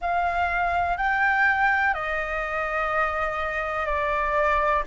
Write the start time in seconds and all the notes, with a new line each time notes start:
0.01 F5
0.97 G5
1.94 D#5
3.85 D5